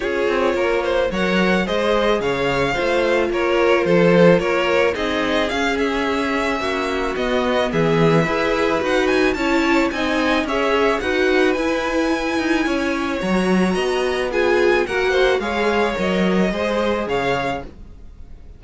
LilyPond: <<
  \new Staff \with { instrumentName = "violin" } { \time 4/4 \tempo 4 = 109 cis''2 fis''4 dis''4 | f''2 cis''4 c''4 | cis''4 dis''4 f''8 e''4.~ | e''4 dis''4 e''2 |
fis''8 gis''8 a''4 gis''4 e''4 | fis''4 gis''2. | ais''2 gis''4 fis''4 | f''4 dis''2 f''4 | }
  \new Staff \with { instrumentName = "violin" } { \time 4/4 gis'4 ais'8 c''8 cis''4 c''4 | cis''4 c''4 ais'4 a'4 | ais'4 gis'2. | fis'2 gis'4 b'4~ |
b'4 cis''4 dis''4 cis''4 | b'2. cis''4~ | cis''4 dis''4 gis'4 ais'8 c''8 | cis''2 c''4 cis''4 | }
  \new Staff \with { instrumentName = "viola" } { \time 4/4 f'2 ais'4 gis'4~ | gis'4 f'2.~ | f'4 dis'4 cis'2~ | cis'4 b2 gis'4 |
fis'4 e'4 dis'4 gis'4 | fis'4 e'2. | fis'2 f'4 fis'4 | gis'4 ais'4 gis'2 | }
  \new Staff \with { instrumentName = "cello" } { \time 4/4 cis'8 c'8 ais4 fis4 gis4 | cis4 a4 ais4 f4 | ais4 c'4 cis'2 | ais4 b4 e4 e'4 |
dis'4 cis'4 c'4 cis'4 | dis'4 e'4. dis'8 cis'4 | fis4 b2 ais4 | gis4 fis4 gis4 cis4 | }
>>